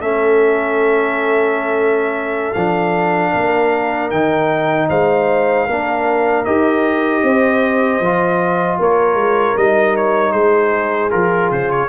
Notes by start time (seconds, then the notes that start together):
0.00 A3 C#4 A4 E5
2.53 F3 D4 F5
3.32 A#3 A#4
4.10 D#3 D#4 G5
4.89 G#3 C5 F5
5.66 A#3 D4 A#4
6.45 D#4 G4 D#5
7.23 C4 C5
8.00 F3 F4
8.79 A#3 A#4 C#5
9.14 G#3
9.57 G3 D#4 D#5
9.96 C#5
10.32 G#3 G#4 C5
11.10 F3 F4 A#4
11.50 C#3 C5
11.71 C#5